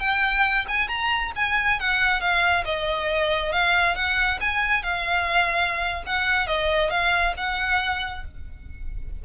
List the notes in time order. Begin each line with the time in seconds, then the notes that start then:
0.00 G5
0.68 G#5
0.88 A#5
1.36 G#5
1.80 F#5
2.21 F5
2.66 D#5
3.52 F5
3.96 F#5
4.41 G#5
4.83 F5
6.07 F#5
6.47 D#5
6.91 F5
7.37 F#5